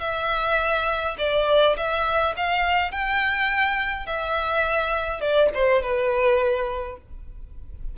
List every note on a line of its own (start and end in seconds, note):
0.00 1.15 E5
1.18 1.76 D5
1.77 2.34 E5
2.36 2.91 F5
2.91 4.06 G5
4.06 5.20 E5
5.20 5.49 D5
5.54 5.82 C5
5.82 6.97 B4